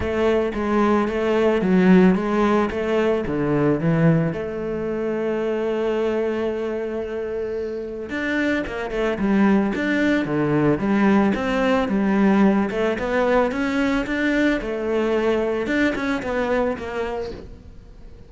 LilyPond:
\new Staff \with { instrumentName = "cello" } { \time 4/4 \tempo 4 = 111 a4 gis4 a4 fis4 | gis4 a4 d4 e4 | a1~ | a2. d'4 |
ais8 a8 g4 d'4 d4 | g4 c'4 g4. a8 | b4 cis'4 d'4 a4~ | a4 d'8 cis'8 b4 ais4 | }